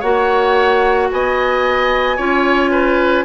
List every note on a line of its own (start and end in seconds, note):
0.00 1.09 A#3
0.00 2.17 F#4
0.00 1.07 C#5
0.00 1.08 F#5
1.11 2.18 B3
1.11 2.16 D#5
1.11 3.24 G#5
2.16 3.24 C#4
2.16 3.24 F4
2.16 2.70 C#5
2.71 3.24 B4